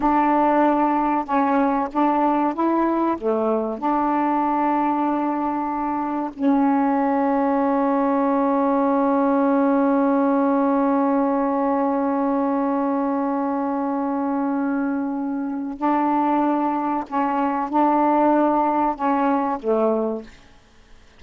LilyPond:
\new Staff \with { instrumentName = "saxophone" } { \time 4/4 \tempo 4 = 95 d'2 cis'4 d'4 | e'4 a4 d'2~ | d'2 cis'2~ | cis'1~ |
cis'1~ | cis'1~ | cis'4 d'2 cis'4 | d'2 cis'4 a4 | }